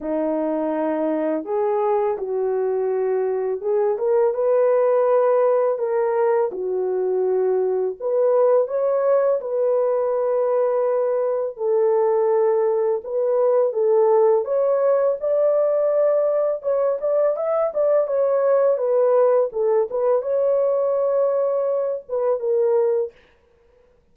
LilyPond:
\new Staff \with { instrumentName = "horn" } { \time 4/4 \tempo 4 = 83 dis'2 gis'4 fis'4~ | fis'4 gis'8 ais'8 b'2 | ais'4 fis'2 b'4 | cis''4 b'2. |
a'2 b'4 a'4 | cis''4 d''2 cis''8 d''8 | e''8 d''8 cis''4 b'4 a'8 b'8 | cis''2~ cis''8 b'8 ais'4 | }